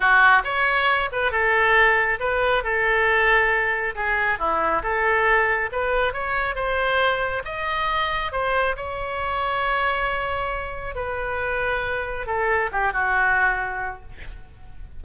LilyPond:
\new Staff \with { instrumentName = "oboe" } { \time 4/4 \tempo 4 = 137 fis'4 cis''4. b'8 a'4~ | a'4 b'4 a'2~ | a'4 gis'4 e'4 a'4~ | a'4 b'4 cis''4 c''4~ |
c''4 dis''2 c''4 | cis''1~ | cis''4 b'2. | a'4 g'8 fis'2~ fis'8 | }